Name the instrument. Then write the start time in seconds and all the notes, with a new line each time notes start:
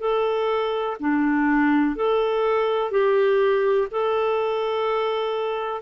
clarinet
0.00 A4
0.99 D4
1.95 A4
2.91 G4
3.91 A4